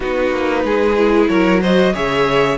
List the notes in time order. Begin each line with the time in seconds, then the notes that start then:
0.00 B3 D#4 F#4 B4
0.31 A#3
0.63 G#3 G#4
0.97 E4
1.28 F#3 A#4 C#5
1.61 F#4 C5 D#5
1.93 C#3 G#4 C#5 E5